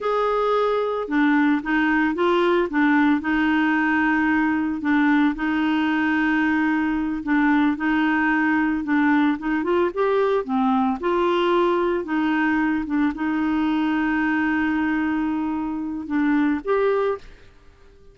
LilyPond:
\new Staff \with { instrumentName = "clarinet" } { \time 4/4 \tempo 4 = 112 gis'2 d'4 dis'4 | f'4 d'4 dis'2~ | dis'4 d'4 dis'2~ | dis'4. d'4 dis'4.~ |
dis'8 d'4 dis'8 f'8 g'4 c'8~ | c'8 f'2 dis'4. | d'8 dis'2.~ dis'8~ | dis'2 d'4 g'4 | }